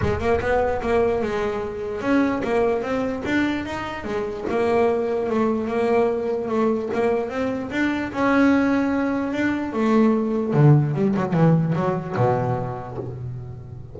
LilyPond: \new Staff \with { instrumentName = "double bass" } { \time 4/4 \tempo 4 = 148 gis8 ais8 b4 ais4 gis4~ | gis4 cis'4 ais4 c'4 | d'4 dis'4 gis4 ais4~ | ais4 a4 ais2 |
a4 ais4 c'4 d'4 | cis'2. d'4 | a2 d4 g8 fis8 | e4 fis4 b,2 | }